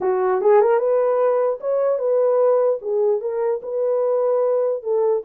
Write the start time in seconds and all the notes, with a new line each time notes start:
0.01 F#4
0.41 G#4
0.61 A#4
0.78 B4
1.60 C#5
1.98 B4
2.81 G#4
3.20 A#4
3.62 B4
4.82 A4